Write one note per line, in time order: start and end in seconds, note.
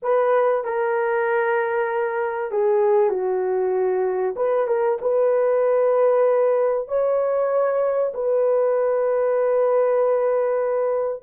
0.02 0.64 B4
0.64 2.51 A#4
2.51 3.09 G#4
3.09 4.34 F#4
4.36 4.67 B4
4.67 4.98 A#4
5.01 6.88 B4
6.88 8.12 C#5
8.14 11.23 B4